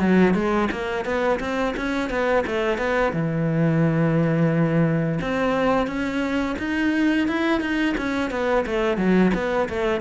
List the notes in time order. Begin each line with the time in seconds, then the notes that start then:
0.00 F#3
0.34 G#3
0.71 A#3
1.05 B3
1.40 C4
1.77 C#4
2.10 B3
2.47 A3
2.78 B3
3.13 E3
5.21 C4
5.87 C#4
6.59 D#4
7.28 E4
7.61 D#4
7.98 C#4
8.31 B3
8.66 A3
8.97 F#3
9.34 B3
9.69 A3